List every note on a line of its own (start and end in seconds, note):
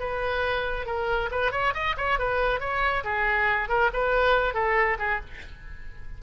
0.00 0.86 B4
0.86 1.30 A#4
1.31 1.52 B4
1.52 1.74 C#5
1.74 1.96 D#5
1.98 2.19 C#5
2.19 2.60 B4
2.60 3.04 C#5
3.04 3.69 G#4
3.69 3.91 A#4
3.94 4.54 B4
4.54 4.98 A4
4.99 5.21 G#4